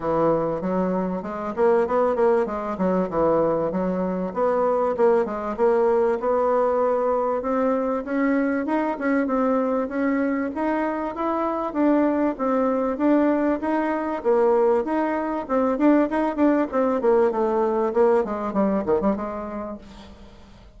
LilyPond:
\new Staff \with { instrumentName = "bassoon" } { \time 4/4 \tempo 4 = 97 e4 fis4 gis8 ais8 b8 ais8 | gis8 fis8 e4 fis4 b4 | ais8 gis8 ais4 b2 | c'4 cis'4 dis'8 cis'8 c'4 |
cis'4 dis'4 e'4 d'4 | c'4 d'4 dis'4 ais4 | dis'4 c'8 d'8 dis'8 d'8 c'8 ais8 | a4 ais8 gis8 g8 dis16 g16 gis4 | }